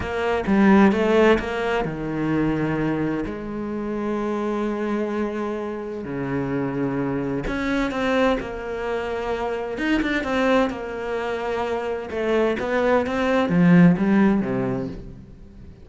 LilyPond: \new Staff \with { instrumentName = "cello" } { \time 4/4 \tempo 4 = 129 ais4 g4 a4 ais4 | dis2. gis4~ | gis1~ | gis4 cis2. |
cis'4 c'4 ais2~ | ais4 dis'8 d'8 c'4 ais4~ | ais2 a4 b4 | c'4 f4 g4 c4 | }